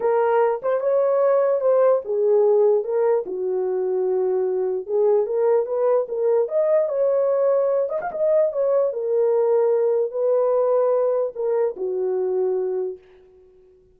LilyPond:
\new Staff \with { instrumentName = "horn" } { \time 4/4 \tempo 4 = 148 ais'4. c''8 cis''2 | c''4 gis'2 ais'4 | fis'1 | gis'4 ais'4 b'4 ais'4 |
dis''4 cis''2~ cis''8 dis''16 f''16 | dis''4 cis''4 ais'2~ | ais'4 b'2. | ais'4 fis'2. | }